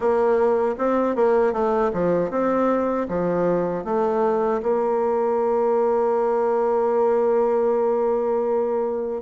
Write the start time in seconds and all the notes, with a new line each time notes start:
0.00 A#3
0.78 C4
1.15 A#3
1.52 A3
1.93 F3
2.30 C4
3.08 F3
3.84 A3
4.62 A#3